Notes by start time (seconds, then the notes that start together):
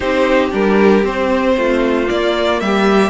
0.00 C4 D#4 G4 C5
0.50 G3 D4 A#4
1.03 C4 C5
1.56 A3 F4
2.06 A#3 D5
2.60 G3 G4 E5